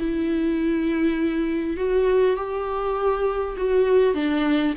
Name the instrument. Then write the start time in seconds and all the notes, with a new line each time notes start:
viola
0.00 E4
1.78 F#4
2.37 G4
3.58 F#4
4.15 D4